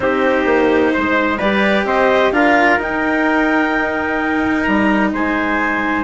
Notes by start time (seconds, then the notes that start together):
0.00 C4 D#4 G4 C5
0.45 A#3
0.93 G#3 C5
1.37 G3 G4 B4 D5
1.85 C4 C5 D#5
2.31 D4 F4 A#4 F5
2.77 D#4 G5
4.62 G3 A#5
5.12 G#3 C5 G#5